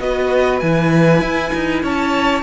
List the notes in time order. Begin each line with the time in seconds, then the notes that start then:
0.00 B3 F#4 B4 D#5
0.60 E3 E4 G#5
1.21 E4
1.55 D#4
1.83 C#4 C#5 A5